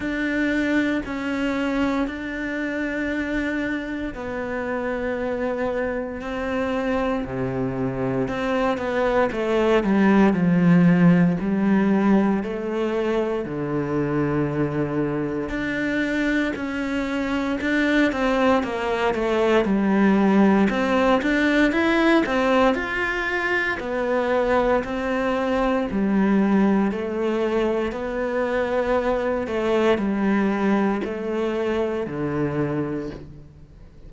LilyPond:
\new Staff \with { instrumentName = "cello" } { \time 4/4 \tempo 4 = 58 d'4 cis'4 d'2 | b2 c'4 c4 | c'8 b8 a8 g8 f4 g4 | a4 d2 d'4 |
cis'4 d'8 c'8 ais8 a8 g4 | c'8 d'8 e'8 c'8 f'4 b4 | c'4 g4 a4 b4~ | b8 a8 g4 a4 d4 | }